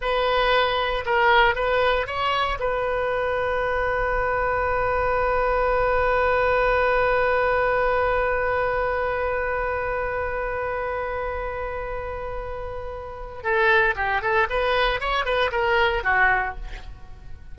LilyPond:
\new Staff \with { instrumentName = "oboe" } { \time 4/4 \tempo 4 = 116 b'2 ais'4 b'4 | cis''4 b'2.~ | b'1~ | b'1~ |
b'1~ | b'1~ | b'2 a'4 g'8 a'8 | b'4 cis''8 b'8 ais'4 fis'4 | }